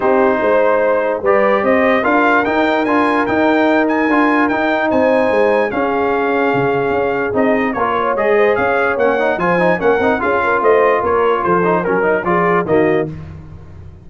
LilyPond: <<
  \new Staff \with { instrumentName = "trumpet" } { \time 4/4 \tempo 4 = 147 c''2. d''4 | dis''4 f''4 g''4 gis''4 | g''4. gis''4. g''4 | gis''2 f''2~ |
f''2 dis''4 cis''4 | dis''4 f''4 fis''4 gis''4 | fis''4 f''4 dis''4 cis''4 | c''4 ais'4 d''4 dis''4 | }
  \new Staff \with { instrumentName = "horn" } { \time 4/4 g'4 c''2 b'4 | c''4 ais'2.~ | ais'1 | c''2 gis'2~ |
gis'2. ais'8 cis''8~ | cis''8 c''8 cis''2 c''4 | ais'4 gis'8 ais'8 c''4 ais'4 | a'4 ais'4 gis'4 fis'4 | }
  \new Staff \with { instrumentName = "trombone" } { \time 4/4 dis'2. g'4~ | g'4 f'4 dis'4 f'4 | dis'2 f'4 dis'4~ | dis'2 cis'2~ |
cis'2 dis'4 f'4 | gis'2 cis'8 dis'8 f'8 dis'8 | cis'8 dis'8 f'2.~ | f'8 dis'8 cis'8 dis'8 f'4 ais4 | }
  \new Staff \with { instrumentName = "tuba" } { \time 4/4 c'4 gis2 g4 | c'4 d'4 dis'4 d'4 | dis'2 d'4 dis'4 | c'4 gis4 cis'2 |
cis4 cis'4 c'4 ais4 | gis4 cis'4 ais4 f4 | ais8 c'8 cis'4 a4 ais4 | f4 fis4 f4 dis4 | }
>>